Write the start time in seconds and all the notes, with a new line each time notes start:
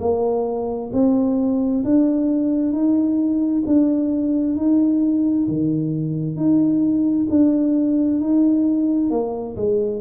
0.00 A#3
0.93 C4
1.84 D4
2.73 D#4
3.67 D4
4.57 D#4
5.48 D#3
6.37 D#4
7.30 D4
8.21 D#4
9.10 A#3
9.57 G#3